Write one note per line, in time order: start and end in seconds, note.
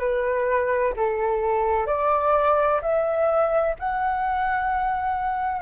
0.00 0.94 B4
0.97 1.87 A4
1.87 2.80 D5
2.82 3.75 E5
3.80 5.62 F#5